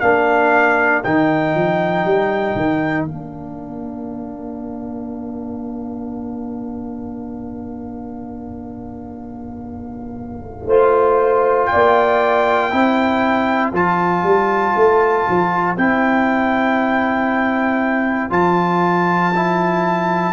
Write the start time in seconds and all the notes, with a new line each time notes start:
0.00 A#3 D4 A#4 F5
1.04 D#3 D#4 G5
1.55 F3
2.05 G3
2.56 D#3
3.05 A#3 D4 F5
10.67 A3 F4 C5
11.66 D5 G5
11.74 A#3
12.71 C4 E4 C5
13.73 F3 F4 A5
14.24 G3
14.76 A3
15.29 F3
15.77 C4 E4 G5
18.30 F3 F4 A5
19.35 E4